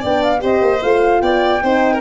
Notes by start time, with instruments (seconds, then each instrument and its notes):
0.00 tuba B3, horn D4, violin D5, flute G5
0.23 flute F5
0.40 tuba C4, horn G4, violin C5, flute D#5
0.61 tuba A#3
0.81 tuba A3, horn F4, flute F5
1.21 tuba B3, violin D5, flute G5
1.63 tuba C4, horn D#4, violin C5
1.93 violin A#4